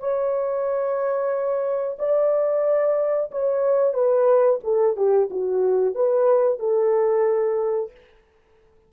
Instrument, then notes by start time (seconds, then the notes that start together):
horn
0.00 C#5
1.99 D5
3.31 C#5
3.94 B4
4.64 A4
4.97 G4
5.30 F#4
5.95 B4
6.60 A4